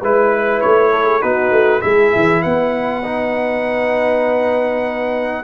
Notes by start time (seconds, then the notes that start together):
0.00 G#3 E4 B4
0.61 A3 C#5
0.92 A4
1.04 G#4
1.21 B3 D#4 F#4 B4
1.51 A3
1.81 G#3 E4 G#4 E5
2.15 E3
2.42 B3 B4 F#5
3.04 D#4